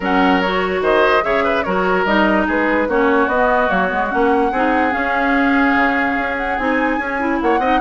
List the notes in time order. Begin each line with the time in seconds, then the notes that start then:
0.00 F#3 C#4 A#4 F#5
0.41 F#4 C#5
0.81 D#3 C5 D#5
1.22 C#3 G#4 C#5 E5
1.43 B4
1.63 F#3 F#4 A#4 C#5
2.05 G3 D#4 D#5
2.46 G#3 G#4 B4
2.87 A#3 C#4 F#4 C#5
3.27 B3 D#5
3.34 B3
3.67 F#3 A#3 C#5
3.87 G#3 B3
4.10 A#3 C#4 F#5
4.51 C4 D#4 G#4
4.90 C#4 F5
5.75 C#3
6.16 C#4
6.37 F#5
6.58 C4 D#4 G#5
6.98 C#4
7.19 E4
7.41 A#3 C#5 F#5
7.58 C4 D#4 D#5